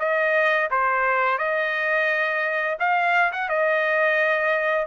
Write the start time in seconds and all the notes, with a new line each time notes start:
0.00 D#5
0.71 C5
1.38 D#5
2.80 F5
3.33 F#5
3.49 D#5